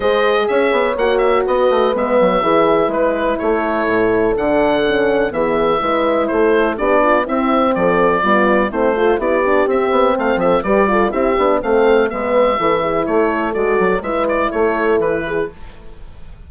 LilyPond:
<<
  \new Staff \with { instrumentName = "oboe" } { \time 4/4 \tempo 4 = 124 dis''4 e''4 fis''8 e''8 dis''4 | e''2 b'4 cis''4~ | cis''4 fis''2 e''4~ | e''4 c''4 d''4 e''4 |
d''2 c''4 d''4 | e''4 f''8 e''8 d''4 e''4 | f''4 e''2 cis''4 | d''4 e''8 d''8 cis''4 b'4 | }
  \new Staff \with { instrumentName = "horn" } { \time 4/4 c''4 cis''2 b'4~ | b'4 gis'4 b'4 a'4~ | a'2. gis'4 | b'4 a'4 g'8 f'8 e'4 |
a'4 f'4 e'8 a'8 g'4~ | g'4 c''8 a'8 b'8 a'8 g'4 | a'4 b'4 a'8 gis'8 a'4~ | a'4 b'4 a'4. gis'8 | }
  \new Staff \with { instrumentName = "horn" } { \time 4/4 gis'2 fis'2 | b4 e'2.~ | e'4 d'4 cis'4 b4 | e'2 d'4 c'4~ |
c'4 b4 c'8 f'8 e'8 d'8 | c'2 g'8 f'8 e'8 d'8 | c'4 b4 e'2 | fis'4 e'2. | }
  \new Staff \with { instrumentName = "bassoon" } { \time 4/4 gis4 cis'8 b8 ais4 b8 a8 | gis8 fis8 e4 gis4 a4 | a,4 d2 e4 | gis4 a4 b4 c'4 |
f4 g4 a4 b4 | c'8 b8 a8 f8 g4 c'8 b8 | a4 gis4 e4 a4 | gis8 fis8 gis4 a4 e4 | }
>>